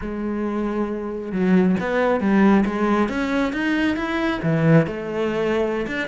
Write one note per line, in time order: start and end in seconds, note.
0.01 1.31 G#3
1.31 1.75 F#3
1.79 2.20 B3
2.20 2.64 G3
2.65 3.08 G#3
3.08 3.53 C#4
3.53 3.96 D#4
3.96 4.40 E4
4.43 4.86 E3
4.86 5.86 A3
5.87 6.07 D4